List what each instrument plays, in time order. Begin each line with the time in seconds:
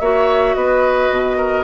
0.00 bassoon A#3, clarinet F#4, oboe C#5, flute E5
0.54 bassoon B3, oboe B4, flute D#5
1.10 bassoon B2
1.37 oboe A#4